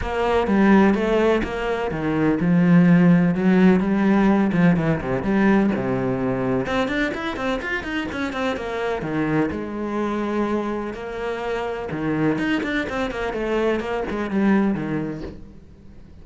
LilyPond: \new Staff \with { instrumentName = "cello" } { \time 4/4 \tempo 4 = 126 ais4 g4 a4 ais4 | dis4 f2 fis4 | g4. f8 e8 c8 g4 | c2 c'8 d'8 e'8 c'8 |
f'8 dis'8 cis'8 c'8 ais4 dis4 | gis2. ais4~ | ais4 dis4 dis'8 d'8 c'8 ais8 | a4 ais8 gis8 g4 dis4 | }